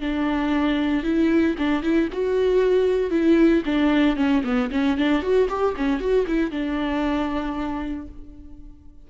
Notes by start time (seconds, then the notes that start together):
0.00 D4
1.03 E4
1.58 D4
1.82 E4
2.12 F#4
3.10 E4
3.65 D4
4.16 C#4
4.44 B3
4.71 C#4
4.97 D4
5.22 F#4
5.49 G4
5.76 C#4
5.99 F#4
6.27 E4
6.51 D4